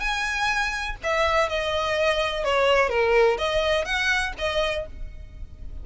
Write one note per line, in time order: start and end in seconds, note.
0.00 0.96 G#5
1.03 1.49 E5
1.49 2.44 D#5
2.44 2.90 C#5
2.90 3.38 A#4
3.38 3.85 D#5
3.85 4.33 F#5
4.38 4.86 D#5